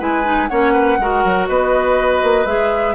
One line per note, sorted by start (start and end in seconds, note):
0.00 0.50 G#3
0.00 0.24 E4
0.00 0.50 B4
0.00 0.48 G#5
0.24 0.49 D#4
0.48 0.99 A#3
0.48 1.00 C#4
0.48 0.73 C#5
0.48 1.47 F#5
0.73 0.98 B4
0.99 1.24 G#3
0.99 2.46 F#4
0.99 1.49 A#4
1.25 1.49 F#3
1.48 2.23 B3
1.48 2.95 B4
1.48 2.46 D#5
2.23 2.46 A#3
2.46 2.95 G#3
2.46 2.95 G#4
2.46 2.95 E5